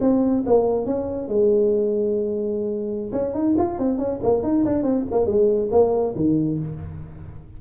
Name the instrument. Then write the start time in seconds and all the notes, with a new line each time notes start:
tuba
0.00 C4
0.46 A#3
0.86 C#4
1.28 G#3
3.12 C#4
3.33 D#4
3.57 F4
3.78 C4
3.98 C#4
4.22 A#3
4.43 D#4
4.65 D4
4.83 C4
5.11 A#3
5.26 G#3
5.71 A#3
6.15 D#3